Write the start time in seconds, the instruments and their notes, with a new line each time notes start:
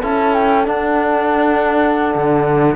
0.00 cello C#4, trombone E4, horn A4, flute A5
0.34 flute G5
0.65 trombone D4, cello D4, flute F#5
2.15 cello D3